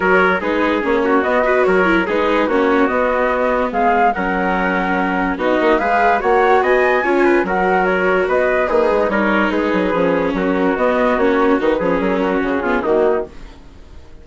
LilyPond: <<
  \new Staff \with { instrumentName = "flute" } { \time 4/4 \tempo 4 = 145 cis''4 b'4 cis''4 dis''4 | cis''4 b'4 cis''4 dis''4~ | dis''4 f''4 fis''2~ | fis''4 dis''4 f''4 fis''4 |
gis''2 fis''4 cis''4 | dis''4 b'4 cis''4 b'4~ | b'4 ais'4 dis''4 cis''4 | b'4 ais'4 gis'4 fis'4 | }
  \new Staff \with { instrumentName = "trumpet" } { \time 4/4 ais'4 gis'4. fis'4 b'8 | ais'4 gis'4 fis'2~ | fis'4 gis'4 ais'2~ | ais'4 fis'4 b'4 cis''4 |
dis''4 cis''8 b'8 ais'2 | b'4 dis'4 ais'4 gis'4~ | gis'4 fis'2.~ | fis'8 gis'4 fis'4 f'8 dis'4 | }
  \new Staff \with { instrumentName = "viola" } { \time 4/4 fis'4 dis'4 cis'4 b8 fis'8~ | fis'8 e'8 dis'4 cis'4 b4~ | b2 cis'2~ | cis'4 dis'4 gis'4 fis'4~ |
fis'4 f'4 fis'2~ | fis'4 gis'4 dis'2 | cis'2 b4 cis'4 | dis'8 cis'2 b8 ais4 | }
  \new Staff \with { instrumentName = "bassoon" } { \time 4/4 fis4 gis4 ais4 b4 | fis4 gis4 ais4 b4~ | b4 gis4 fis2~ | fis4 b8 ais8 gis4 ais4 |
b4 cis'4 fis2 | b4 ais8 gis8 g4 gis8 fis8 | f4 fis4 b4 ais4 | dis8 f8 fis4 cis4 dis4 | }
>>